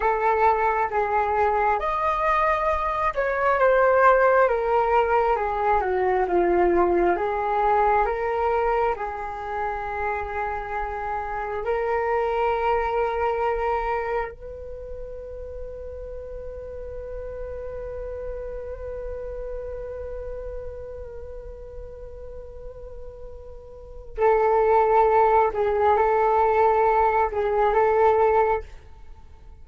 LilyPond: \new Staff \with { instrumentName = "flute" } { \time 4/4 \tempo 4 = 67 a'4 gis'4 dis''4. cis''8 | c''4 ais'4 gis'8 fis'8 f'4 | gis'4 ais'4 gis'2~ | gis'4 ais'2. |
b'1~ | b'1~ | b'2. a'4~ | a'8 gis'8 a'4. gis'8 a'4 | }